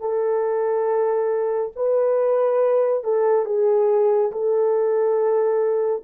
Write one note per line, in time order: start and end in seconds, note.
0.00 1.71 A4
1.75 3.04 B4
3.04 3.45 A4
3.45 4.31 G#4
4.32 6.03 A4